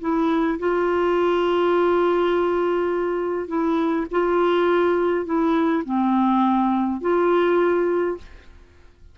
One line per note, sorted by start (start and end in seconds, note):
0.00 0.58 E4
0.59 3.48 F4
3.48 4.06 E4
4.11 5.25 F4
5.25 5.83 E4
5.85 7.01 C4
7.01 8.17 F4